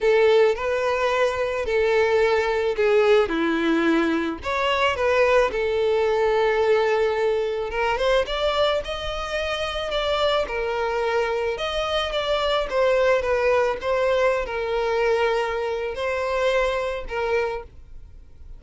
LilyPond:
\new Staff \with { instrumentName = "violin" } { \time 4/4 \tempo 4 = 109 a'4 b'2 a'4~ | a'4 gis'4 e'2 | cis''4 b'4 a'2~ | a'2 ais'8 c''8 d''4 |
dis''2 d''4 ais'4~ | ais'4 dis''4 d''4 c''4 | b'4 c''4~ c''16 ais'4.~ ais'16~ | ais'4 c''2 ais'4 | }